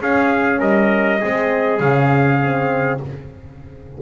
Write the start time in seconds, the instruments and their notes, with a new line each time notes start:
0.00 horn C#4, double bass C#4, trumpet G#4 F5
0.59 double bass G3, trumpet A#4 D#5
1.20 double bass G#3, horn C4, trumpet G#4
1.80 double bass C#3, horn C#4, trumpet F5
2.41 horn C4